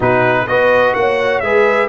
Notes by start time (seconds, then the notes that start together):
0.00 B2 D#4 F#4 B4
0.47 B3 F#4 B4 D#5
0.94 A#3 C#5 F#5
1.40 G#3 G#4 B4 E5